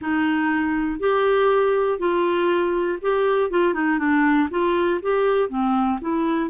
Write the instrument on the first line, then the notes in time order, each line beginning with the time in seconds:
clarinet
0.01 D#4
0.99 G4
1.98 F4
3.01 G4
3.50 F4
3.74 D#4
3.98 D4
4.50 F4
5.02 G4
5.49 C4
6.01 E4